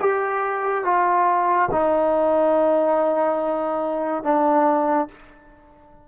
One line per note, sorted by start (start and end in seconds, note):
0.00 0.84 G4
0.84 1.68 F4
1.71 4.23 D#4
4.23 5.08 D4